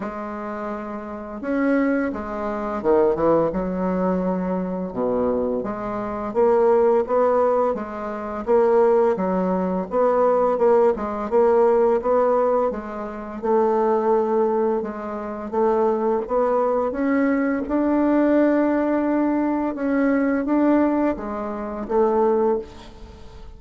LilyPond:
\new Staff \with { instrumentName = "bassoon" } { \time 4/4 \tempo 4 = 85 gis2 cis'4 gis4 | dis8 e8 fis2 b,4 | gis4 ais4 b4 gis4 | ais4 fis4 b4 ais8 gis8 |
ais4 b4 gis4 a4~ | a4 gis4 a4 b4 | cis'4 d'2. | cis'4 d'4 gis4 a4 | }